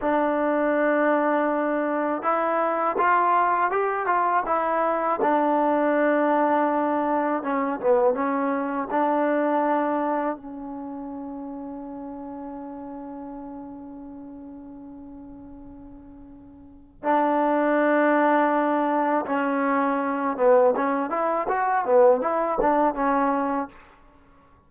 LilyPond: \new Staff \with { instrumentName = "trombone" } { \time 4/4 \tempo 4 = 81 d'2. e'4 | f'4 g'8 f'8 e'4 d'4~ | d'2 cis'8 b8 cis'4 | d'2 cis'2~ |
cis'1~ | cis'2. d'4~ | d'2 cis'4. b8 | cis'8 e'8 fis'8 b8 e'8 d'8 cis'4 | }